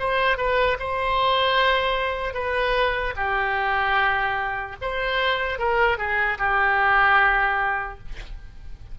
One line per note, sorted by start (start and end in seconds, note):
0.00 0.38 C5
0.38 0.78 B4
0.80 2.34 C5
2.34 3.14 B4
3.17 4.77 G4
4.82 5.59 C5
5.59 5.98 A#4
5.98 6.38 G#4
6.39 7.99 G4